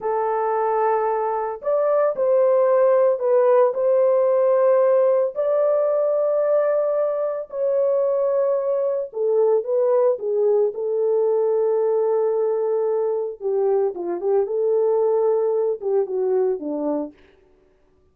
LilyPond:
\new Staff \with { instrumentName = "horn" } { \time 4/4 \tempo 4 = 112 a'2. d''4 | c''2 b'4 c''4~ | c''2 d''2~ | d''2 cis''2~ |
cis''4 a'4 b'4 gis'4 | a'1~ | a'4 g'4 f'8 g'8 a'4~ | a'4. g'8 fis'4 d'4 | }